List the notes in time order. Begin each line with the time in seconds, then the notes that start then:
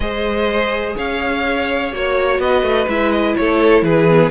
0.00 G#3 G#4 C5 D#5
0.96 C#4 C#5 F5
1.91 A#3 F#4 C#5
2.39 B3 B4 D#5
2.62 A3
2.87 G#3 E4 E5
3.11 D#5
3.36 A3 A4 C#5
3.81 E3 G#4 B4
4.08 B3